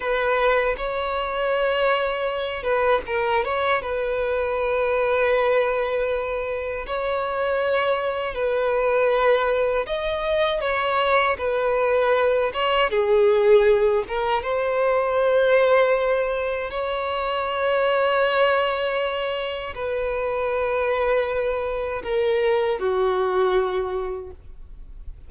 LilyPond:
\new Staff \with { instrumentName = "violin" } { \time 4/4 \tempo 4 = 79 b'4 cis''2~ cis''8 b'8 | ais'8 cis''8 b'2.~ | b'4 cis''2 b'4~ | b'4 dis''4 cis''4 b'4~ |
b'8 cis''8 gis'4. ais'8 c''4~ | c''2 cis''2~ | cis''2 b'2~ | b'4 ais'4 fis'2 | }